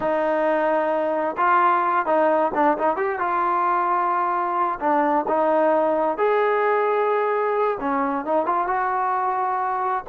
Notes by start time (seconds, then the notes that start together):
0.00 D#4
1.37 F4
2.05 D#4
2.54 D4
2.78 D#4
2.96 G4
3.19 F4
4.80 D4
5.28 D#4
6.17 G#4
7.80 C#4
8.25 D#4
8.46 F4
8.67 F#4